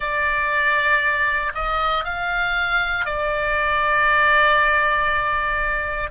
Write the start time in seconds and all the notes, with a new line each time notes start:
0.00 D5
1.54 D#5
2.04 F5
3.05 D5